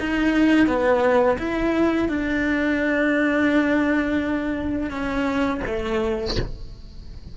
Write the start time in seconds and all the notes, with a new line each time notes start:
0.00 D#4
0.67 B3
1.38 E4
2.09 D4
4.90 C#4
5.66 A3